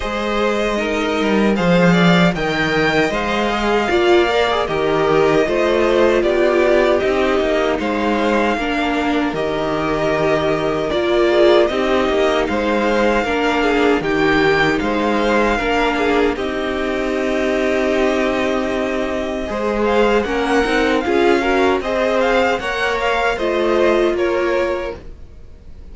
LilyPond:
<<
  \new Staff \with { instrumentName = "violin" } { \time 4/4 \tempo 4 = 77 dis''2 f''4 g''4 | f''2 dis''2 | d''4 dis''4 f''2 | dis''2 d''4 dis''4 |
f''2 g''4 f''4~ | f''4 dis''2.~ | dis''4. f''8 fis''4 f''4 | dis''8 f''8 fis''8 f''8 dis''4 cis''4 | }
  \new Staff \with { instrumentName = "violin" } { \time 4/4 c''4 ais'4 c''8 d''8 dis''4~ | dis''4 d''4 ais'4 c''4 | g'2 c''4 ais'4~ | ais'2~ ais'8 gis'8 g'4 |
c''4 ais'8 gis'8 g'4 c''4 | ais'8 gis'8 g'2.~ | g'4 c''4 ais'4 gis'8 ais'8 | c''4 cis''4 c''4 ais'4 | }
  \new Staff \with { instrumentName = "viola" } { \time 4/4 gis'4 dis'4 gis'4 ais'4 | c''8 gis'8 f'8 ais'16 gis'16 g'4 f'4~ | f'4 dis'2 d'4 | g'2 f'4 dis'4~ |
dis'4 d'4 dis'2 | d'4 dis'2.~ | dis'4 gis'4 cis'8 dis'8 f'8 fis'8 | gis'4 ais'4 f'2 | }
  \new Staff \with { instrumentName = "cello" } { \time 4/4 gis4. g8 f4 dis4 | gis4 ais4 dis4 a4 | b4 c'8 ais8 gis4 ais4 | dis2 ais4 c'8 ais8 |
gis4 ais4 dis4 gis4 | ais4 c'2.~ | c'4 gis4 ais8 c'8 cis'4 | c'4 ais4 a4 ais4 | }
>>